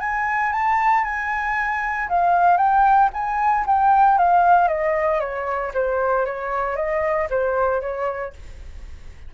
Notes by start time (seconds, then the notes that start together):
0.00 G#5
0.52 A5
1.04 G#5
2.09 F5
2.57 G5
3.13 G#5
3.66 G5
4.18 F5
4.68 D#5
5.20 C#5
5.74 C5
6.25 C#5
6.76 D#5
7.30 C5
7.81 C#5